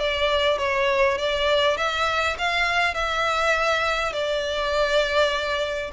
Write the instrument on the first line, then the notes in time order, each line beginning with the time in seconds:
violin
0.00 D5
0.59 C#5
1.18 D5
1.78 E5
2.38 F5
2.94 E5
4.13 D5